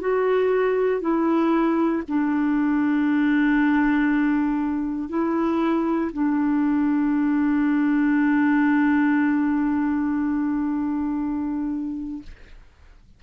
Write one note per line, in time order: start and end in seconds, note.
0.00 1.00 F#4
1.00 2.02 E4
2.08 5.09 D4
5.09 6.11 E4
6.12 12.22 D4